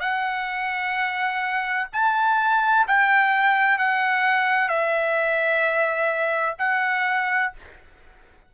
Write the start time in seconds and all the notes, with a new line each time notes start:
0.00 F#5
1.93 A5
2.87 G5
3.78 F#5
4.68 E5
6.59 F#5